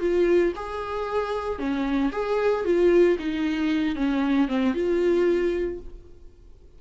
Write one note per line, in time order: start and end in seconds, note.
0.00 0.53 F4
0.55 1.58 G#4
1.58 2.11 C#4
2.12 2.65 G#4
2.65 3.17 F4
3.18 3.95 D#4
3.95 4.48 C#4
4.48 4.74 C4
4.74 5.79 F4